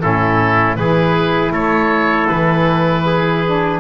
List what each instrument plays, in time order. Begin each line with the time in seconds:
0.00 double bass A2, saxophone C#4, trumpet E4, oboe A4
0.76 double bass E3, saxophone E4, trumpet G#4, oboe B4
1.51 double bass A3, trumpet A4, oboe C#5
2.28 double bass E3, oboe B4
3.05 trumpet G#4
3.45 saxophone D4